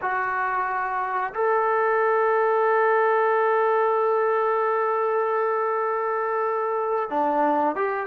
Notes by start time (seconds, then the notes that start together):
0.01 F#4
1.34 A4
7.10 D4
7.75 G4